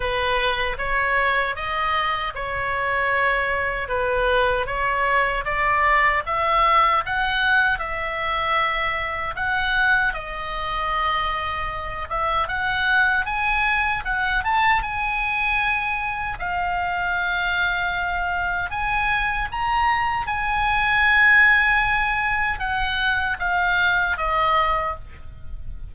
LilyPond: \new Staff \with { instrumentName = "oboe" } { \time 4/4 \tempo 4 = 77 b'4 cis''4 dis''4 cis''4~ | cis''4 b'4 cis''4 d''4 | e''4 fis''4 e''2 | fis''4 dis''2~ dis''8 e''8 |
fis''4 gis''4 fis''8 a''8 gis''4~ | gis''4 f''2. | gis''4 ais''4 gis''2~ | gis''4 fis''4 f''4 dis''4 | }